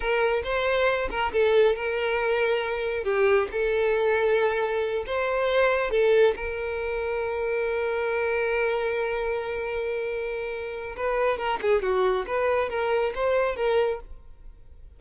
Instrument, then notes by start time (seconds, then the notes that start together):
violin
0.00 A#4
0.43 C5
1.10 A#4
1.32 A4
1.75 A#4
3.04 G4
3.51 A4
5.06 C5
5.90 A4
6.36 A#4
10.96 B4
11.37 A#4
11.61 G#4
11.82 F#4
12.26 B4
12.69 A#4
13.15 C5
13.56 A#4